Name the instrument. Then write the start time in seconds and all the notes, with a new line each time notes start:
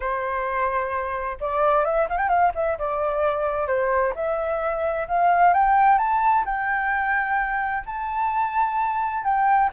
flute
0.00 C5
1.40 D5
1.84 E5
2.09 F5
2.17 G5
2.28 F5
2.54 E5
2.78 D5
3.67 C5
4.15 E5
5.07 F5
5.53 G5
5.98 A5
6.45 G5
7.86 A5
9.23 G5